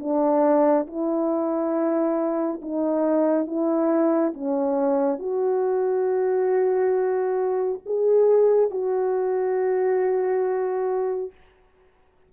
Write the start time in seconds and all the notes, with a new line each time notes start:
0.00 D4
0.87 E4
2.62 D#4
3.47 E4
4.34 C#4
5.19 F#4
7.86 G#4
8.71 F#4